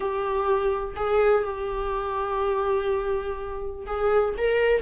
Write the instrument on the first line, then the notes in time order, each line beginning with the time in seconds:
viola
0.00 G4
0.96 G#4
1.44 G4
3.86 G#4
4.37 A#4